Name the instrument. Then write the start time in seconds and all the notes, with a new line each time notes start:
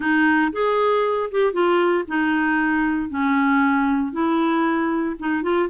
clarinet
0.00 D#4
0.52 G#4
1.31 G4
1.53 F4
2.07 D#4
3.09 C#4
4.12 E4
5.19 D#4
5.42 F4